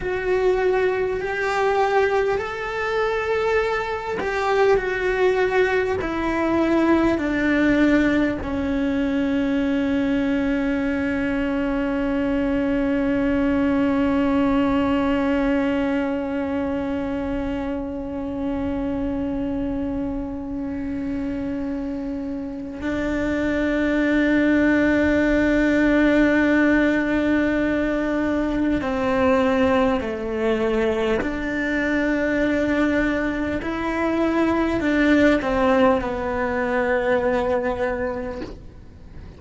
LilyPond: \new Staff \with { instrumentName = "cello" } { \time 4/4 \tempo 4 = 50 fis'4 g'4 a'4. g'8 | fis'4 e'4 d'4 cis'4~ | cis'1~ | cis'1~ |
cis'2. d'4~ | d'1 | c'4 a4 d'2 | e'4 d'8 c'8 b2 | }